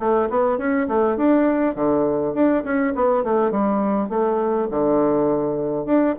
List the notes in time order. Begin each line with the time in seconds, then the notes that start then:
0.00 A3
0.30 B3
0.59 C#4
0.89 A3
1.17 D4
1.76 D3
2.35 D4
2.65 C#4
2.96 B3
3.24 A3
3.52 G3
4.10 A3
4.71 D3
5.86 D4